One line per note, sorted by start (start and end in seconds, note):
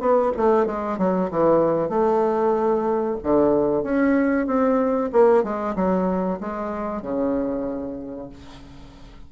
0.00 0.32 B3
0.37 0.66 A3
0.66 0.98 G#3
0.98 1.30 F#3
1.31 1.89 E3
1.89 3.17 A3
3.24 3.84 D3
3.84 4.47 C#4
4.47 5.11 C4
5.12 5.44 A#3
5.44 5.76 G#3
5.76 6.40 F#3
6.41 7.02 G#3
7.02 8.30 C#3